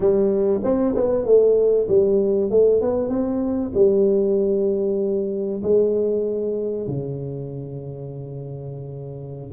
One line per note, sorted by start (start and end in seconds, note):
0.00 0.61 G3
0.63 0.95 C4
0.95 1.25 B3
1.25 1.88 A3
1.88 2.50 G3
2.50 2.81 A3
2.81 3.09 B3
3.09 3.71 C4
3.74 5.62 G3
5.62 6.87 G#3
6.87 9.52 C#3